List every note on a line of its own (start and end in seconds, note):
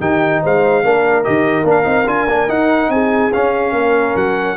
0.00 0.43 D#3
0.00 0.84 D#4
0.00 0.42 G4
0.00 0.43 G5
0.43 0.85 G#3
0.43 0.85 C5
0.43 1.24 F5
0.84 1.26 A#3
0.84 1.25 D4
0.84 2.93 A#4
1.24 1.64 D#3
1.24 1.65 G4
1.24 1.66 D#5
1.64 1.85 A#3
1.64 1.84 D4
1.71 2.09 F5
1.84 2.07 C4
1.84 2.05 D#4
2.07 2.27 D4
2.07 2.28 F4
2.07 2.50 G#5
2.27 2.48 A#3
2.27 2.48 D4
2.48 3.32 D#4
2.48 2.89 D#4
2.48 2.91 F#5
2.89 3.31 C4
2.89 3.76 G#4
2.89 3.33 G#5
3.34 4.57 C#4
3.34 3.73 C#4
3.34 4.17 F5
3.73 4.14 A#3
3.73 4.57 A#4
4.16 4.57 F#3
4.16 4.57 F#5